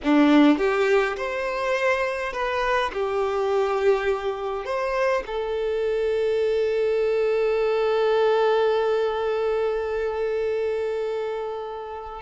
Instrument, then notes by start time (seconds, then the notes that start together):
violin
0.03 D4
0.58 G4
1.16 C5
2.32 B4
2.93 G4
4.65 C5
5.26 A4